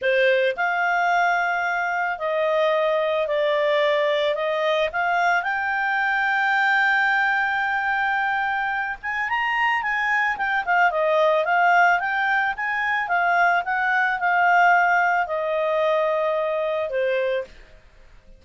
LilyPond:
\new Staff \with { instrumentName = "clarinet" } { \time 4/4 \tempo 4 = 110 c''4 f''2. | dis''2 d''2 | dis''4 f''4 g''2~ | g''1~ |
g''8 gis''8 ais''4 gis''4 g''8 f''8 | dis''4 f''4 g''4 gis''4 | f''4 fis''4 f''2 | dis''2. c''4 | }